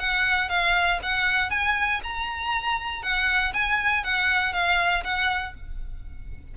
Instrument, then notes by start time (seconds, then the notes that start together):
violin
0.00 F#5
0.50 F5
1.03 F#5
1.51 G#5
2.04 A#5
3.03 F#5
3.54 G#5
4.04 F#5
4.54 F5
5.04 F#5